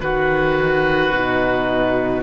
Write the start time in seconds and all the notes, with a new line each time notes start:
0.00 D#3 F#4 B4
1.12 B2 D#4